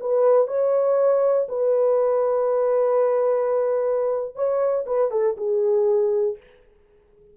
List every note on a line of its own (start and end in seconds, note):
0.00 0.47 B4
0.47 1.47 C#5
1.48 4.35 B4
4.35 4.85 C#5
4.86 5.11 B4
5.11 5.36 A4
5.37 6.37 G#4